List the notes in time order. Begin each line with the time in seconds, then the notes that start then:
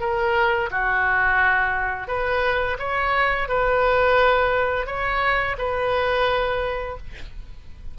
0.00 A#4
0.71 F#4
2.08 B4
2.79 C#5
3.49 B4
4.86 C#5
5.58 B4